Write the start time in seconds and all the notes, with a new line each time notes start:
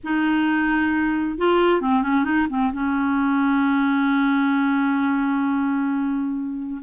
0.03 D#4
1.38 F4
1.81 C4
2.02 C#4
2.24 D#4
2.49 C4
2.73 C#4